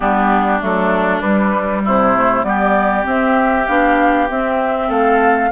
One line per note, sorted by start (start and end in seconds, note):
0.00 0.62 G3
0.00 0.60 B3
0.00 1.82 D4
0.00 0.61 G4
0.60 1.21 F#3
0.60 1.21 A3
0.60 1.20 A4
1.20 1.82 G3
1.20 2.16 G3
1.20 1.82 B4
1.84 2.43 C3
1.84 2.45 E4
1.84 2.44 C5
2.16 2.43 A3
2.43 3.04 G3
2.43 3.03 B3
2.43 4.88 G4
2.43 3.05 D5
3.03 3.64 C4
3.03 3.67 C4
3.03 3.67 E5
3.67 4.29 B3
3.67 4.29 D4
3.67 4.28 F5
4.29 4.89 C4
4.29 5.51 C4
4.29 4.90 E5
4.88 5.50 A3
4.88 5.49 A4
4.88 5.51 F5